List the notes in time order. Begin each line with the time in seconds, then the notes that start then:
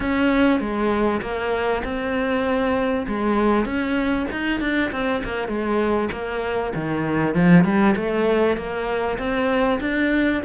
0.00 C#4
0.60 G#3
1.21 A#3
1.83 C4
3.07 G#3
3.65 C#4
4.31 D#4
4.60 D4
4.91 C4
5.23 A#3
5.48 G#3
6.12 A#3
6.74 D#3
7.34 F3
7.64 G3
7.95 A3
8.56 A#3
9.18 C4
9.80 D4